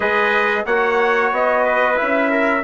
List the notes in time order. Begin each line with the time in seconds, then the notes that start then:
0.00 G#3 G#4 B4 D#5
0.66 A#3 F#4 C#5 F#5
1.31 B3 D#5
1.64 B4
1.95 E4 E5
2.02 C#4
2.30 A#4